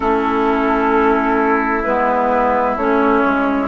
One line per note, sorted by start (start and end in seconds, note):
0.00 1.85 A3
0.00 1.84 C#4
0.00 3.68 E4
0.00 1.83 A4
1.83 2.76 G#3
1.83 2.77 B3
1.83 2.76 B4
2.76 3.22 A3
2.76 3.68 C#4
2.76 3.68 C#5
3.25 3.68 G#3